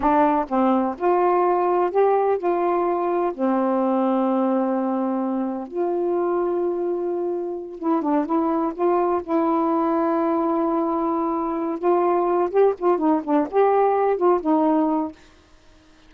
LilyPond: \new Staff \with { instrumentName = "saxophone" } { \time 4/4 \tempo 4 = 127 d'4 c'4 f'2 | g'4 f'2 c'4~ | c'1 | f'1~ |
f'8 e'8 d'8 e'4 f'4 e'8~ | e'1~ | e'4 f'4. g'8 f'8 dis'8 | d'8 g'4. f'8 dis'4. | }